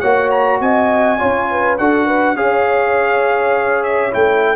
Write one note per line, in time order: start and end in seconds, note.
0.00 0.60 A#3
0.00 1.18 F#4
0.00 0.59 C#5
0.00 0.29 F#5
0.30 0.60 A#5
0.60 1.19 C4
0.60 1.19 D#5
0.60 1.77 G#5
1.18 1.79 C#4
1.18 1.77 F4
1.18 1.48 C#5
1.51 1.80 B4
1.77 2.35 D4
1.77 2.36 F#4
1.77 2.05 A4
1.77 2.36 F#5
2.05 2.35 B4
2.35 4.12 C#4
2.35 4.11 G#4
2.35 4.56 C#5
2.35 3.83 F5
3.83 4.12 E5
4.11 4.56 A3
4.11 4.55 E4
4.11 4.56 G5